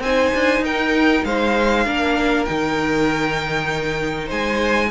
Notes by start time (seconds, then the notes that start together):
0.00 C4 D#4 C5 G#5
0.34 D4
0.59 D#4 A#4 G5
1.25 G#3 C5 F5
1.86 A#3 D4 A#4
2.45 D#3 D#4 G5
4.27 G#3 C5 G#5